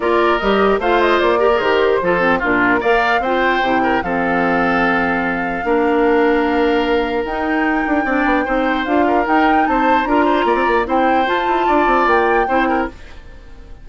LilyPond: <<
  \new Staff \with { instrumentName = "flute" } { \time 4/4 \tempo 4 = 149 d''4 dis''4 f''8 dis''8 d''4 | c''2 ais'4 f''4 | g''2 f''2~ | f''1~ |
f''2 g''2~ | g''2 f''4 g''4 | a''4 ais''2 g''4 | a''2 g''2 | }
  \new Staff \with { instrumentName = "oboe" } { \time 4/4 ais'2 c''4. ais'8~ | ais'4 a'4 f'4 d''4 | c''4. ais'8 a'2~ | a'2 ais'2~ |
ais'1 | d''4 c''4. ais'4. | c''4 ais'8 c''8 d''4 c''4~ | c''4 d''2 c''8 ais'8 | }
  \new Staff \with { instrumentName = "clarinet" } { \time 4/4 f'4 g'4 f'4. g'16 gis'16 | g'4 f'8 c'8 d'4 ais'4 | f'4 e'4 c'2~ | c'2 d'2~ |
d'2 dis'2 | d'4 dis'4 f'4 dis'4~ | dis'4 f'2 e'4 | f'2. e'4 | }
  \new Staff \with { instrumentName = "bassoon" } { \time 4/4 ais4 g4 a4 ais4 | dis4 f4 ais,4 ais4 | c'4 c4 f2~ | f2 ais2~ |
ais2 dis'4. d'8 | c'8 b8 c'4 d'4 dis'4 | c'4 d'4 ais16 c'16 ais8 c'4 | f'8 e'8 d'8 c'8 ais4 c'4 | }
>>